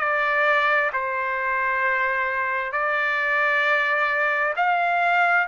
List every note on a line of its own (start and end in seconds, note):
0.00 0.91 D5
0.93 2.72 C5
2.72 4.54 D5
4.57 5.48 F5